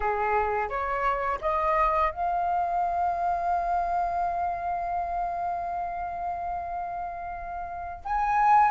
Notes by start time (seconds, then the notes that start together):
0.00 G#4
0.69 C#5
1.41 D#5
2.11 F5
8.04 G#5